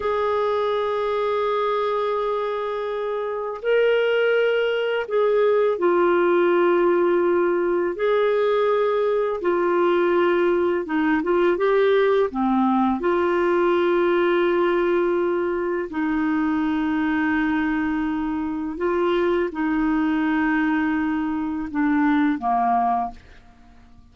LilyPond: \new Staff \with { instrumentName = "clarinet" } { \time 4/4 \tempo 4 = 83 gis'1~ | gis'4 ais'2 gis'4 | f'2. gis'4~ | gis'4 f'2 dis'8 f'8 |
g'4 c'4 f'2~ | f'2 dis'2~ | dis'2 f'4 dis'4~ | dis'2 d'4 ais4 | }